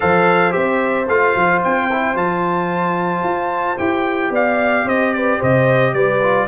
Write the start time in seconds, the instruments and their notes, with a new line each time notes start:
0.00 tuba F3, trombone A4, horn C5, trumpet F5
0.50 tuba C4, trombone G4, trumpet E5
1.07 tuba A3, trombone F4, trumpet F5
1.35 tuba F3
1.63 tuba C4, trumpet G5
1.90 trombone E4
2.15 tuba F3, trombone F4, trumpet A5
3.23 tuba F4
3.77 tuba E4, trombone G4, trumpet G5
4.30 tuba B3, horn D5, trumpet F5
4.84 tuba C4, horn C5, trumpet D#5
5.14 horn B4, trumpet D5
5.38 tuba C3, horn C5, trumpet D#5
5.93 tuba G3, horn B4, trumpet D5
6.22 trombone F4